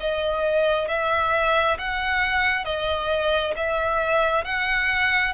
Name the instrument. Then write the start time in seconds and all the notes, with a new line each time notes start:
violin
0.00 D#5
0.88 E5
1.78 F#5
2.65 D#5
3.56 E5
4.45 F#5